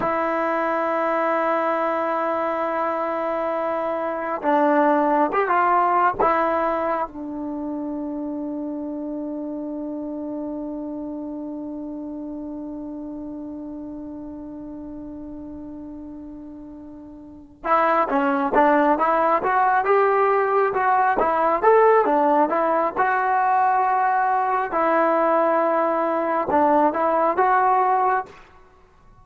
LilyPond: \new Staff \with { instrumentName = "trombone" } { \time 4/4 \tempo 4 = 68 e'1~ | e'4 d'4 g'16 f'8. e'4 | d'1~ | d'1~ |
d'1 | e'8 cis'8 d'8 e'8 fis'8 g'4 fis'8 | e'8 a'8 d'8 e'8 fis'2 | e'2 d'8 e'8 fis'4 | }